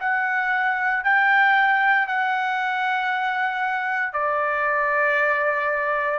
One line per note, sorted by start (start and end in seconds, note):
0.00 1.03 F#5
1.03 2.07 G5
2.07 4.12 F#5
4.12 6.18 D5